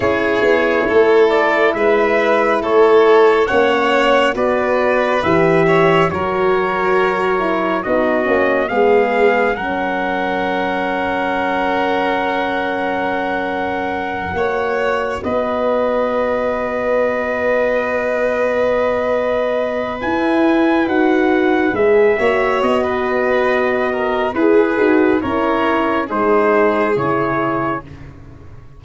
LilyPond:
<<
  \new Staff \with { instrumentName = "trumpet" } { \time 4/4 \tempo 4 = 69 cis''4. d''8 e''4 cis''4 | fis''4 d''4 e''4 cis''4~ | cis''4 dis''4 f''4 fis''4~ | fis''1~ |
fis''4. dis''2~ dis''8~ | dis''2. gis''4 | fis''4 e''4 dis''2 | b'4 cis''4 c''4 cis''4 | }
  \new Staff \with { instrumentName = "violin" } { \time 4/4 gis'4 a'4 b'4 a'4 | cis''4 b'4. cis''8 ais'4~ | ais'4 fis'4 gis'4 ais'4~ | ais'1~ |
ais'8 cis''4 b'2~ b'8~ | b'1~ | b'4. cis''8. b'4~ b'16 ais'8 | gis'4 ais'4 gis'2 | }
  \new Staff \with { instrumentName = "horn" } { \time 4/4 e'1 | cis'4 fis'4 g'4 fis'4~ | fis'8 e'8 dis'8 cis'8 b4 cis'4~ | cis'1~ |
cis'8 fis'2.~ fis'8~ | fis'2. e'4 | fis'4 gis'8 fis'2~ fis'8 | gis'8 fis'8 e'4 dis'4 e'4 | }
  \new Staff \with { instrumentName = "tuba" } { \time 4/4 cis'8 b8 a4 gis4 a4 | ais4 b4 e4 fis4~ | fis4 b8 ais8 gis4 fis4~ | fis1~ |
fis8 ais4 b2~ b8~ | b2. e'4 | dis'4 gis8 ais8 b2 | e'8 dis'8 cis'4 gis4 cis4 | }
>>